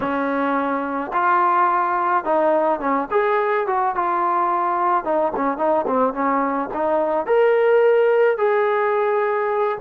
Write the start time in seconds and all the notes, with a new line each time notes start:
0.00 C#4
1.13 F4
2.24 D#4
2.80 C#4
3.10 G#4
3.67 F#4
3.95 F4
5.04 D#4
5.36 C#4
5.57 D#4
5.87 C4
6.13 C#4
6.73 D#4
7.26 A#4
8.37 G#4